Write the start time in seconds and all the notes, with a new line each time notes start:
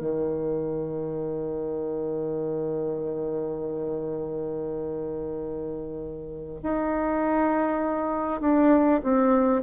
0.00 D#3
6.63 D#4
8.41 D4
9.03 C4